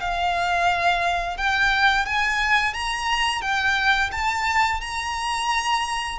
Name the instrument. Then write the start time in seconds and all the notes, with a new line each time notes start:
violin
0.00 F5
1.37 G5
2.06 G#5
2.74 A#5
3.41 G5
4.12 A5
4.81 A#5